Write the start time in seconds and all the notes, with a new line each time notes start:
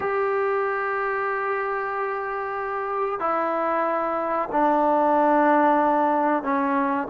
0.00 G4
3.19 E4
4.52 D4
6.43 C#4